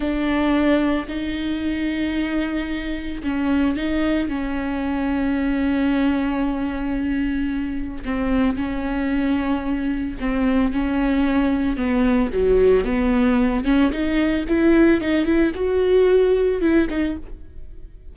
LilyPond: \new Staff \with { instrumentName = "viola" } { \time 4/4 \tempo 4 = 112 d'2 dis'2~ | dis'2 cis'4 dis'4 | cis'1~ | cis'2. c'4 |
cis'2. c'4 | cis'2 b4 fis4 | b4. cis'8 dis'4 e'4 | dis'8 e'8 fis'2 e'8 dis'8 | }